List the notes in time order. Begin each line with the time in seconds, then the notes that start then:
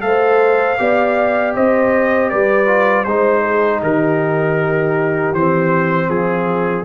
0.00 A3 A4 C5 F5
0.78 B3 G4 D5
1.56 C4 C5 D#5
2.29 G3 B4 D5
2.66 F4
3.04 G#3 D#4 C5
3.42 G#4
3.82 D#3 G4 A#4
5.33 E3 C4 C5
6.09 F3 F4 G#4